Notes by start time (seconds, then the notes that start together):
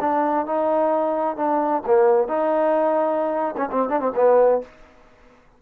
0.00 D4
0.46 D#4
1.36 D4
1.86 A#3
2.28 D#4
3.57 C#4
3.71 C4
3.89 D4
4.00 C4
4.15 B3